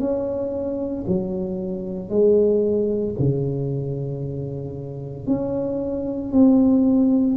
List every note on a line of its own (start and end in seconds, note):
0.00 1.05 C#4
1.08 2.10 F#3
2.10 3.15 G#3
3.20 5.27 C#3
5.27 6.33 C#4
6.33 7.37 C4